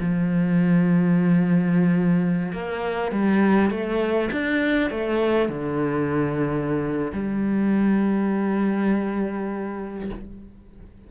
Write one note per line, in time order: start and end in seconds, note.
0.00 2.52 F3
2.52 3.12 A#3
3.12 3.70 G3
3.70 4.30 A3
4.32 4.90 D4
4.90 5.49 A3
5.49 7.12 D3
7.13 10.10 G3